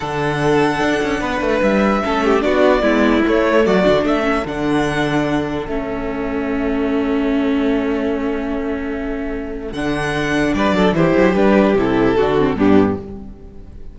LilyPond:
<<
  \new Staff \with { instrumentName = "violin" } { \time 4/4 \tempo 4 = 148 fis''1 | e''2 d''2 | cis''4 d''4 e''4 fis''4~ | fis''2 e''2~ |
e''1~ | e''1 | fis''2 d''4 c''4 | b'4 a'2 g'4 | }
  \new Staff \with { instrumentName = "violin" } { \time 4/4 a'2. b'4~ | b'4 a'8 g'8 fis'4 e'4~ | e'4 fis'4 a'2~ | a'1~ |
a'1~ | a'1~ | a'2 b'8 a'8 g'4~ | g'2 fis'4 d'4 | }
  \new Staff \with { instrumentName = "viola" } { \time 4/4 d'1~ | d'4 cis'4 d'4 b4 | a4. d'4 cis'8 d'4~ | d'2 cis'2~ |
cis'1~ | cis'1 | d'2. e'4 | d'4 e'4 d'8 c'8 b4 | }
  \new Staff \with { instrumentName = "cello" } { \time 4/4 d2 d'8 cis'8 b8 a8 | g4 a4 b4 gis4 | a4 fis8 d8 a4 d4~ | d2 a2~ |
a1~ | a1 | d2 g8 fis8 e8 fis8 | g4 c4 d4 g,4 | }
>>